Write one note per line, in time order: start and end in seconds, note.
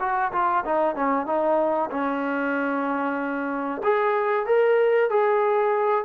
0.00 0.32 F#4
0.32 0.64 F4
0.65 0.95 D#4
0.95 1.26 C#4
1.26 1.90 D#4
1.91 3.82 C#4
3.84 4.47 G#4
4.47 5.10 A#4
5.10 6.05 G#4